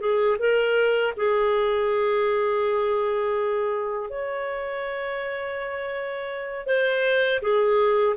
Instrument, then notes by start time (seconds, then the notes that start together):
clarinet
0.00 G#4
0.39 A#4
1.16 G#4
4.10 C#5
6.66 C5
7.42 G#4